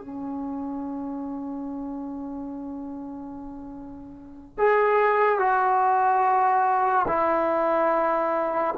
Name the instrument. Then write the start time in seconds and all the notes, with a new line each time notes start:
trombone
0.00 C#4
4.58 G#4
5.39 F#4
7.08 E4